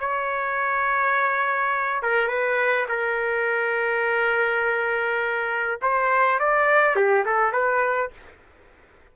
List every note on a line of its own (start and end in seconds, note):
0.00 2.03 C#5
2.03 2.28 A#4
2.28 2.86 B4
2.89 5.80 A#4
5.82 6.40 C5
6.40 6.96 D5
6.96 7.25 G4
7.26 7.53 A4
7.53 8.11 B4